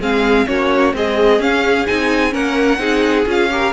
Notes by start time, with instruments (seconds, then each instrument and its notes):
0.00 cello G#3, viola C4, violin G#4 F5
0.47 cello A#3, viola C#4, violin F#4 C#5
0.93 viola G#3, cello C4, violin G#4 D#5
1.39 cello C#4, viola C#4, violin F5
1.87 cello C4, viola D#4, violin G#5
2.31 cello A#3, viola C#4, violin A#4 F#5
2.78 cello C4, viola D#4, violin G#4
3.26 cello C#4, viola F4, violin F5
3.50 viola G4, violin A#4